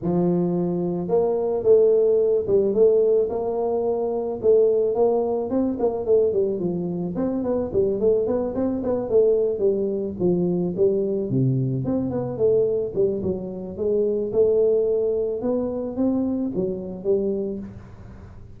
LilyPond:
\new Staff \with { instrumentName = "tuba" } { \time 4/4 \tempo 4 = 109 f2 ais4 a4~ | a8 g8 a4 ais2 | a4 ais4 c'8 ais8 a8 g8 | f4 c'8 b8 g8 a8 b8 c'8 |
b8 a4 g4 f4 g8~ | g8 c4 c'8 b8 a4 g8 | fis4 gis4 a2 | b4 c'4 fis4 g4 | }